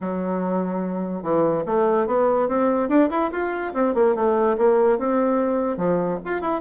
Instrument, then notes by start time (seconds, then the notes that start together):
bassoon
0.00 F#3
1.22 E3
1.65 A3
2.07 B3
2.48 C4
2.89 D4
3.10 E4
3.31 F4
3.73 C4
3.94 A#3
4.15 A3
4.57 A#3
4.98 C4
5.77 F3
6.24 F4
6.41 E4